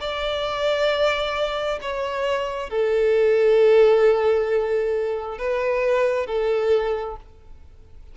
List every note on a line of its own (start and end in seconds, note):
0.00 1.79 D5
1.81 2.69 C#5
2.69 5.38 A4
5.38 6.26 B4
6.26 7.16 A4